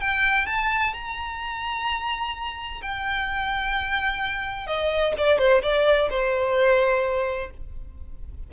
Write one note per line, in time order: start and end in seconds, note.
0.00 0.46 G5
0.46 0.93 A5
0.93 2.81 A#5
2.81 4.66 G5
4.66 5.13 D#5
5.17 5.38 D5
5.38 5.62 C5
5.62 6.09 D5
6.09 7.50 C5